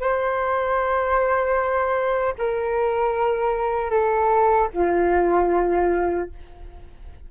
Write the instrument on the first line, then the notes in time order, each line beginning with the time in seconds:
flute
0.00 C5
2.38 A#4
3.90 A4
4.73 F4